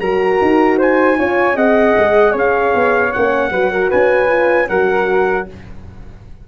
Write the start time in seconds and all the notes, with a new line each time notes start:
0.00 F#3 F#4 A#4 A#5
0.42 D#4
0.78 C5 G#5
1.16 C#4 F4 C#5
1.54 C4 G#4 D#5 F#5
1.98 G#3
2.32 C#4 C#5
2.38 F5
2.75 B3
3.13 A#3 C#4 F#5
3.50 F#3 F#4 B4
3.71 A#4
3.89 C#4 B4 G#5
4.28 F4
4.69 F#3 F#4 A#4 F#5